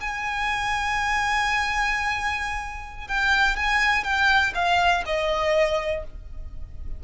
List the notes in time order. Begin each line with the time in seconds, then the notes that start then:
0.00 G#5
3.08 G5
3.56 G#5
4.04 G5
4.54 F5
5.05 D#5